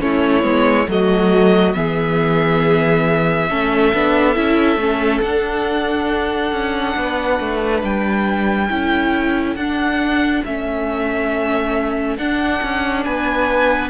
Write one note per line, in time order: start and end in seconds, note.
0.00 0.43 A3
0.00 0.41 C#4
0.00 0.90 E4
0.00 0.88 C#5
0.41 0.87 G#3
0.41 0.85 B3
0.87 1.74 F#3
0.87 1.74 A3
0.87 1.77 F#4
0.87 1.73 D#5
1.73 3.49 E3
1.73 3.48 B3
1.73 3.50 G#4
1.73 5.21 E5
3.50 3.93 A3
3.50 3.93 C#4
3.50 6.98 A4
3.94 4.36 B3
3.94 4.35 D4
4.35 4.76 C#4
4.35 4.78 E4
4.76 5.20 A3
4.76 5.23 C#4
5.22 6.51 D4
5.22 8.69 D4
5.22 7.83 F#5
6.51 6.95 C#4
6.96 7.39 B3
6.96 8.70 B4
7.39 7.83 A3
7.83 8.70 G3
7.83 9.55 G5
8.69 9.55 C#4
8.69 9.56 E4
8.69 13.05 A4
9.55 10.42 D4
9.55 10.46 D4
9.55 10.42 F#5
10.45 12.17 A3
10.45 12.18 C#4
10.45 12.17 E5
12.17 12.61 D4
12.17 13.90 D4
12.17 13.04 F#5
12.63 13.05 C#4
13.05 13.90 B3
13.05 13.90 B4
13.05 13.90 G#5